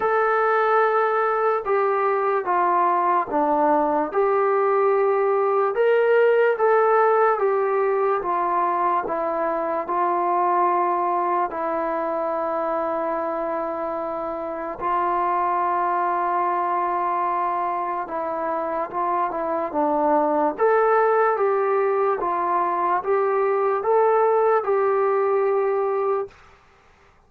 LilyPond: \new Staff \with { instrumentName = "trombone" } { \time 4/4 \tempo 4 = 73 a'2 g'4 f'4 | d'4 g'2 ais'4 | a'4 g'4 f'4 e'4 | f'2 e'2~ |
e'2 f'2~ | f'2 e'4 f'8 e'8 | d'4 a'4 g'4 f'4 | g'4 a'4 g'2 | }